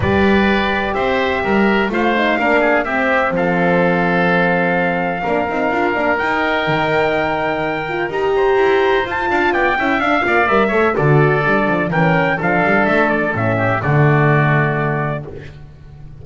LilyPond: <<
  \new Staff \with { instrumentName = "trumpet" } { \time 4/4 \tempo 4 = 126 d''2 e''2 | f''2 e''4 f''4~ | f''1~ | f''4 g''2.~ |
g''4 ais''2 a''4 | g''4 f''4 e''4 d''4~ | d''4 g''4 f''4 e''8 d''8 | e''4 d''2. | }
  \new Staff \with { instrumentName = "oboe" } { \time 4/4 b'2 c''4 ais'4 | c''4 ais'8 gis'8 g'4 a'4~ | a'2. ais'4~ | ais'1~ |
ais'4. c''2 f''8 | d''8 e''4 d''4 cis''8 a'4~ | a'4 ais'4 a'2~ | a'8 g'8 fis'2. | }
  \new Staff \with { instrumentName = "horn" } { \time 4/4 g'1 | f'8 dis'8 d'4 c'2~ | c'2. d'8 dis'8 | f'8 d'8 dis'2.~ |
dis'8 f'8 g'2 f'4~ | f'8 e'8 d'8 f'8 ais'8 a'8 fis'4 | d'4 cis'4 d'2 | cis'4 a2. | }
  \new Staff \with { instrumentName = "double bass" } { \time 4/4 g2 c'4 g4 | a4 ais4 c'4 f4~ | f2. ais8 c'8 | d'8 ais8 dis'4 dis2~ |
dis4 dis'4 e'4 f'8 d'8 | b8 cis'8 d'8 ais8 g8 a8 d4 | g8 f8 e4 f8 g8 a4 | a,4 d2. | }
>>